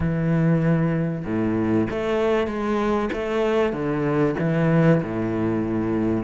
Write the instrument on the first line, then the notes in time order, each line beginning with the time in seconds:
cello
0.00 E3
1.25 A2
1.90 A3
2.47 G#3
3.12 A3
3.72 D3
4.39 E3
5.03 A2